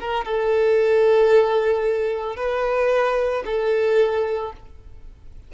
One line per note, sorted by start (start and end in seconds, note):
0.00 0.25 A#4
0.25 2.36 A4
2.36 3.43 B4
3.45 4.52 A4